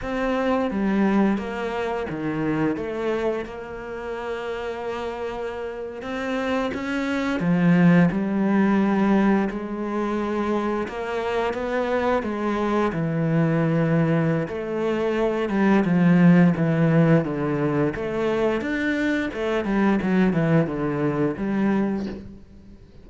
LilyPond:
\new Staff \with { instrumentName = "cello" } { \time 4/4 \tempo 4 = 87 c'4 g4 ais4 dis4 | a4 ais2.~ | ais8. c'4 cis'4 f4 g16~ | g4.~ g16 gis2 ais16~ |
ais8. b4 gis4 e4~ e16~ | e4 a4. g8 f4 | e4 d4 a4 d'4 | a8 g8 fis8 e8 d4 g4 | }